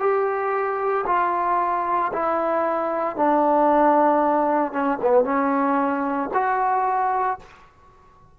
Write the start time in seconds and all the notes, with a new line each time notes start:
0.00 G4
1.07 F4
2.13 E4
3.17 D4
4.73 C#4
5.02 B3
5.25 C#4
6.34 F#4